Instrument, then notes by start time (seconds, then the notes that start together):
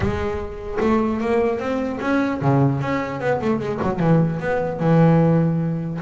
double bass
0.00 G#3
0.80 A3
1.20 A#3
1.59 C4
2.01 C#4
2.41 C#3
2.81 C#4
3.20 B3
3.41 A3
3.59 G#3
3.82 F#3
3.99 E3
4.39 B3
4.79 E3